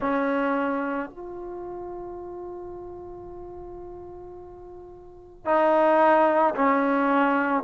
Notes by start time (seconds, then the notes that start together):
0.00 C#4
1.10 F4
5.45 D#4
6.55 C#4